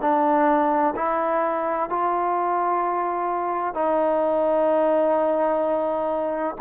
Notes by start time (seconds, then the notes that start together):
0.00 D4
0.95 E4
1.89 F4
3.74 D#4